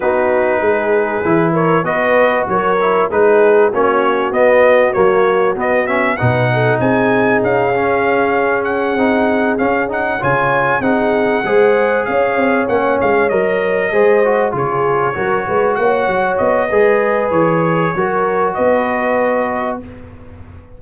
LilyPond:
<<
  \new Staff \with { instrumentName = "trumpet" } { \time 4/4 \tempo 4 = 97 b'2~ b'8 cis''8 dis''4 | cis''4 b'4 cis''4 dis''4 | cis''4 dis''8 e''8 fis''4 gis''4 | f''2 fis''4. f''8 |
fis''8 gis''4 fis''2 f''8~ | f''8 fis''8 f''8 dis''2 cis''8~ | cis''4. fis''4 dis''4. | cis''2 dis''2 | }
  \new Staff \with { instrumentName = "horn" } { \time 4/4 fis'4 gis'4. ais'8 b'4 | ais'4 gis'4 fis'2~ | fis'2 b'8 a'8 gis'4~ | gis'1~ |
gis'8 cis''4 gis'4 c''4 cis''8~ | cis''2~ cis''8 c''4 gis'8~ | gis'8 ais'8 b'8 cis''4. b'4~ | b'4 ais'4 b'2 | }
  \new Staff \with { instrumentName = "trombone" } { \time 4/4 dis'2 e'4 fis'4~ | fis'8 e'8 dis'4 cis'4 b4 | ais4 b8 cis'8 dis'2~ | dis'8 cis'2 dis'4 cis'8 |
dis'8 f'4 dis'4 gis'4.~ | gis'8 cis'4 ais'4 gis'8 fis'8 f'8~ | f'8 fis'2~ fis'8 gis'4~ | gis'4 fis'2. | }
  \new Staff \with { instrumentName = "tuba" } { \time 4/4 b4 gis4 e4 b4 | fis4 gis4 ais4 b4 | fis4 b4 b,4 c'4 | cis'2~ cis'8 c'4 cis'8~ |
cis'8 cis4 c'4 gis4 cis'8 | c'8 ais8 gis8 fis4 gis4 cis8~ | cis8 fis8 gis8 ais8 fis8 b8 gis4 | e4 fis4 b2 | }
>>